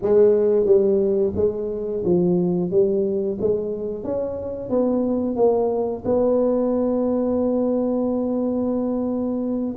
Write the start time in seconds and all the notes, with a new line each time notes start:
0.02 G#3
0.65 G3
1.35 G#3
2.04 F3
2.70 G3
3.40 G#3
4.04 C#4
4.69 B3
5.36 A#3
6.04 B3